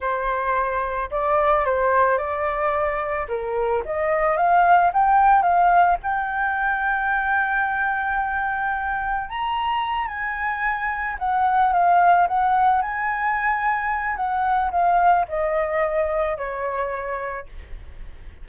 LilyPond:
\new Staff \with { instrumentName = "flute" } { \time 4/4 \tempo 4 = 110 c''2 d''4 c''4 | d''2 ais'4 dis''4 | f''4 g''4 f''4 g''4~ | g''1~ |
g''4 ais''4. gis''4.~ | gis''8 fis''4 f''4 fis''4 gis''8~ | gis''2 fis''4 f''4 | dis''2 cis''2 | }